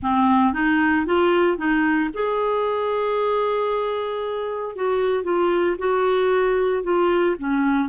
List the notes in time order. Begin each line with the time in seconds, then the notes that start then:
0.02 C4
0.53 D#4
1.06 F4
1.57 D#4
2.13 G#4
4.75 F#4
5.23 F4
5.78 F#4
6.83 F4
7.38 C#4